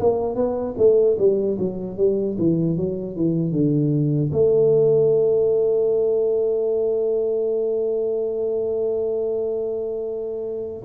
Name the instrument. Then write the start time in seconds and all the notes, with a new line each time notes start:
tuba
0.00 A#3
0.36 B3
0.78 A3
1.18 G3
1.59 F#3
1.97 G3
2.39 E3
2.77 F#3
3.16 E3
3.52 D3
4.32 A3